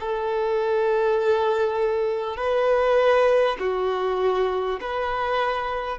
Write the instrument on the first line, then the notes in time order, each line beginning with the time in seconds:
violin
0.00 A4
2.37 B4
3.59 F#4
4.81 B4